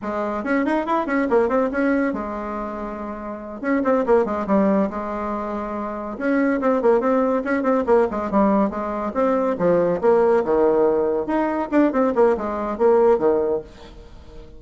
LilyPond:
\new Staff \with { instrumentName = "bassoon" } { \time 4/4 \tempo 4 = 141 gis4 cis'8 dis'8 e'8 cis'8 ais8 c'8 | cis'4 gis2.~ | gis8 cis'8 c'8 ais8 gis8 g4 gis8~ | gis2~ gis8 cis'4 c'8 |
ais8 c'4 cis'8 c'8 ais8 gis8 g8~ | g8 gis4 c'4 f4 ais8~ | ais8 dis2 dis'4 d'8 | c'8 ais8 gis4 ais4 dis4 | }